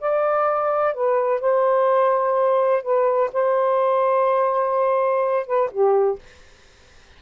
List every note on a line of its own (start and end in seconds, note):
0.00 0.94 D5
0.94 1.40 B4
1.40 2.83 C5
2.83 3.30 B4
3.33 5.46 C5
5.46 5.70 B4
5.71 6.19 G4